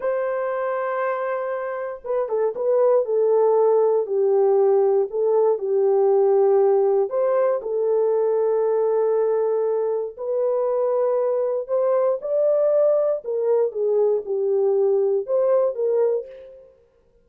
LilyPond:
\new Staff \with { instrumentName = "horn" } { \time 4/4 \tempo 4 = 118 c''1 | b'8 a'8 b'4 a'2 | g'2 a'4 g'4~ | g'2 c''4 a'4~ |
a'1 | b'2. c''4 | d''2 ais'4 gis'4 | g'2 c''4 ais'4 | }